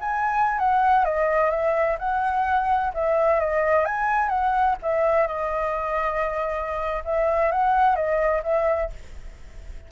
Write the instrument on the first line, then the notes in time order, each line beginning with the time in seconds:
flute
0.00 G#5
0.59 F#5
1.04 D#5
1.50 E5
1.99 F#5
2.93 E5
3.39 D#5
3.85 G#5
4.28 F#5
4.82 E5
5.27 D#5
7.05 E5
7.51 F#5
7.95 D#5
8.43 E5